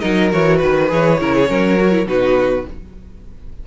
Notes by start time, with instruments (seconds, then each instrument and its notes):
0.00 cello F#3, viola D#4, violin A#4 D#5
0.31 cello E3, viola F#4, violin C#5
0.57 cello D#3, violin B4
0.89 cello E3, viola G#4, violin C#5
1.19 cello C#3, viola E4, violin A#4
1.35 violin G#4
1.47 cello F#3, viola C#4, violin A#4
1.79 viola F#4
1.91 viola E4
2.06 cello B2, viola D#4, violin F#4 B4